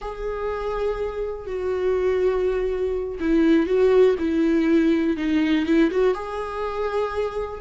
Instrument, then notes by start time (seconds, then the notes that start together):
viola
0.01 G#4
1.46 F#4
3.20 E4
3.66 F#4
4.18 E4
5.16 D#4
5.66 E4
5.90 F#4
6.14 G#4